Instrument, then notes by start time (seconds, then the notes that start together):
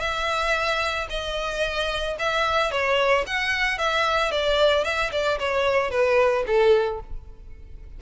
violin
0.00 E5
1.09 D#5
2.19 E5
2.71 C#5
3.26 F#5
3.78 E5
4.31 D5
4.84 E5
5.12 D5
5.39 C#5
5.90 B4
6.47 A4